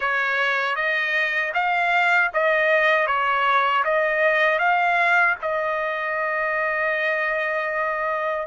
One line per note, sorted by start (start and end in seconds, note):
0.00 0.75 C#5
0.75 1.52 D#5
1.53 2.30 F5
2.33 3.06 D#5
3.06 3.83 C#5
3.84 4.58 D#5
4.58 5.35 F5
5.41 8.47 D#5